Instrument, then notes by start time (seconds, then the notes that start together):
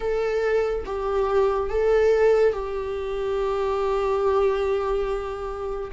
viola
0.00 A4
0.85 G4
1.69 A4
2.52 G4